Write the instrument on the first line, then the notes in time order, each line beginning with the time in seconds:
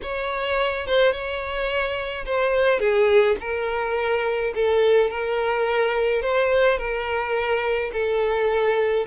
violin
0.02 C#5
0.86 C5
1.12 C#5
2.25 C5
2.79 G#4
3.40 A#4
4.54 A4
5.10 A#4
6.22 C5
6.78 A#4
7.92 A4